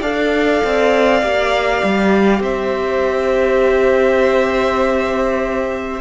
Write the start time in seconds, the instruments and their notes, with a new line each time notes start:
0.00 cello D4, viola A4, violin D5 F5
0.64 cello C4
1.22 cello A#3, viola G4
1.83 cello G3
2.40 cello C4, violin C5 E5